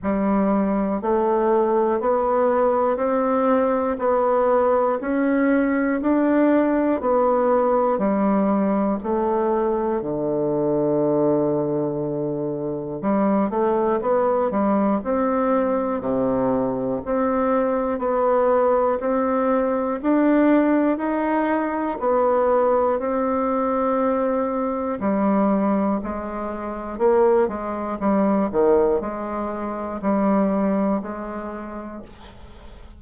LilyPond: \new Staff \with { instrumentName = "bassoon" } { \time 4/4 \tempo 4 = 60 g4 a4 b4 c'4 | b4 cis'4 d'4 b4 | g4 a4 d2~ | d4 g8 a8 b8 g8 c'4 |
c4 c'4 b4 c'4 | d'4 dis'4 b4 c'4~ | c'4 g4 gis4 ais8 gis8 | g8 dis8 gis4 g4 gis4 | }